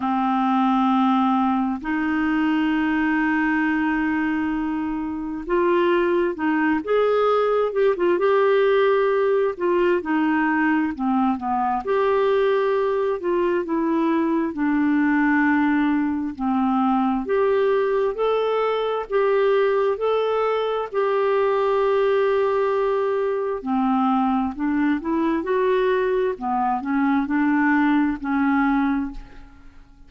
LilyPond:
\new Staff \with { instrumentName = "clarinet" } { \time 4/4 \tempo 4 = 66 c'2 dis'2~ | dis'2 f'4 dis'8 gis'8~ | gis'8 g'16 f'16 g'4. f'8 dis'4 | c'8 b8 g'4. f'8 e'4 |
d'2 c'4 g'4 | a'4 g'4 a'4 g'4~ | g'2 c'4 d'8 e'8 | fis'4 b8 cis'8 d'4 cis'4 | }